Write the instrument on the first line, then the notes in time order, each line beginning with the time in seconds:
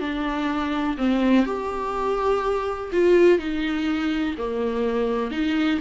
viola
0.00 D4
0.97 C4
1.46 G4
2.92 F4
3.38 D#4
4.38 A#3
5.31 D#4